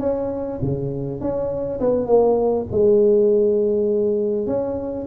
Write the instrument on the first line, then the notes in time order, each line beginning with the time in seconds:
tuba
0.00 C#4
0.62 C#3
1.21 C#4
1.81 B3
2.07 A#3
2.72 G#3
4.47 C#4